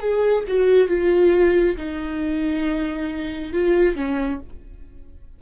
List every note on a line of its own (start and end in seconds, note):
0.00 0.44 G#4
0.47 0.88 F#4
0.88 1.76 F4
1.77 3.53 D#4
3.53 3.95 F4
3.95 4.40 C#4